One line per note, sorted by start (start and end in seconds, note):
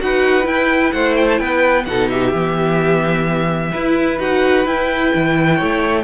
0.00 0.46 D#4
0.00 0.43 F#4
0.00 0.93 B4
0.00 0.46 F#5
0.43 1.82 E4
0.43 0.93 E4
0.43 0.91 G5
0.91 1.40 A3
0.91 1.40 C5
0.91 1.15 F#5
1.16 1.28 G5
1.29 1.38 A5
1.38 1.86 B3
1.38 1.86 B4
1.38 1.84 G5
1.85 2.32 B2
1.85 2.32 D#4
1.85 2.11 A4
1.85 2.09 F#5
2.09 3.72 G4
2.09 4.18 E5
2.32 3.72 E3
2.32 3.72 B3
3.72 4.19 E4
3.72 5.56 B4
4.19 4.66 D#4
4.19 4.65 F#4
4.19 4.67 F#5
4.65 6.03 E4
4.65 5.12 E4
4.65 6.03 G5
5.15 5.61 E3
5.56 6.03 A3
5.56 6.02 C#5